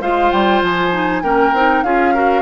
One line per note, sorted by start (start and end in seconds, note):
0.00 0.30 G#3
0.00 0.91 F4
0.00 1.22 C5
0.00 0.31 F5
0.31 0.62 G3
0.31 0.61 G5
0.62 1.22 F3
0.62 1.22 G#5
0.91 1.22 D#4
1.22 1.53 A#3
1.22 1.53 C#4
1.22 1.83 A#4
1.22 1.83 G5
1.53 1.83 C4
1.53 1.84 D#4
1.83 2.41 C#4
1.83 2.14 F4
1.83 2.14 G#4
1.83 2.41 F5
2.14 2.41 F#4
2.14 2.41 A#4